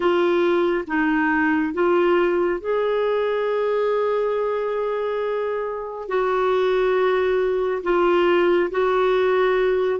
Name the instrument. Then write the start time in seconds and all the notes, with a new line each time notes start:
clarinet
0.00 F4
0.87 D#4
1.73 F4
2.60 G#4
6.08 F#4
7.83 F4
8.70 F#4